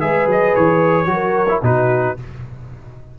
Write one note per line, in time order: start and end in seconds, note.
0.00 0.26 G#3
0.00 1.06 G#4
0.00 1.10 B4
0.00 0.27 E5
0.26 0.53 F#3
0.26 0.55 D#5
0.55 1.06 E3
0.55 1.63 C#5
1.06 1.60 F#3
1.06 1.47 F#4
1.13 1.64 A#4
1.48 1.62 E4
1.62 2.16 B2
1.62 2.17 D#4
1.62 2.18 F#4
1.62 2.18 B4